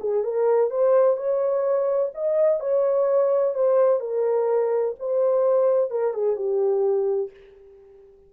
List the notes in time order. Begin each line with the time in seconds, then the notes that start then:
0.00 G#4
0.24 A#4
0.71 C5
1.17 C#5
2.15 D#5
2.60 C#5
3.55 C5
4.00 A#4
4.99 C5
5.90 A#4
6.14 G#4
6.36 G4